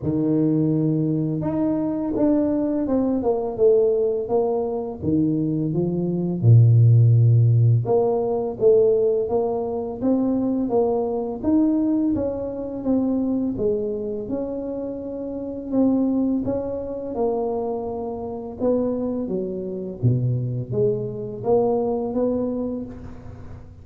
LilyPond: \new Staff \with { instrumentName = "tuba" } { \time 4/4 \tempo 4 = 84 dis2 dis'4 d'4 | c'8 ais8 a4 ais4 dis4 | f4 ais,2 ais4 | a4 ais4 c'4 ais4 |
dis'4 cis'4 c'4 gis4 | cis'2 c'4 cis'4 | ais2 b4 fis4 | b,4 gis4 ais4 b4 | }